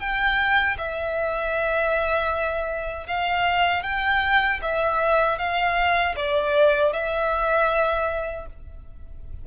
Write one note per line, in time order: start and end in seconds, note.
0.00 0.77 G5
0.78 3.07 E5
3.07 3.83 F5
3.83 4.60 G5
4.62 5.38 E5
5.38 6.15 F5
6.16 6.93 D5
6.93 8.47 E5